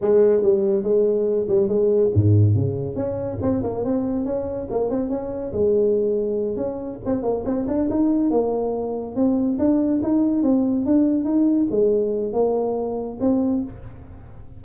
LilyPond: \new Staff \with { instrumentName = "tuba" } { \time 4/4 \tempo 4 = 141 gis4 g4 gis4. g8 | gis4 gis,4 cis4 cis'4 | c'8 ais8 c'4 cis'4 ais8 c'8 | cis'4 gis2~ gis8 cis'8~ |
cis'8 c'8 ais8 c'8 d'8 dis'4 ais8~ | ais4. c'4 d'4 dis'8~ | dis'8 c'4 d'4 dis'4 gis8~ | gis4 ais2 c'4 | }